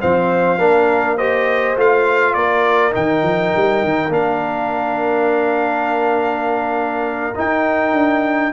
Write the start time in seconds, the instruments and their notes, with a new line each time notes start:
0.00 tuba F3, trombone C4, horn C5, trumpet F5
0.58 tuba A#3, trombone D4, horn A#4
1.17 trombone G4, horn C5, trumpet D#5
1.76 tuba A3, trombone F4, trumpet F5
2.33 tuba A#3, horn A#4, trumpet D5
2.91 tuba D#3, trombone D#4, trumpet G5
3.22 tuba F3
3.56 tuba G3
3.83 tuba D#3
4.08 tuba A#3, trombone D4, trumpet F5
7.35 trombone D#4, tuba D#4, trumpet G5
7.92 tuba D4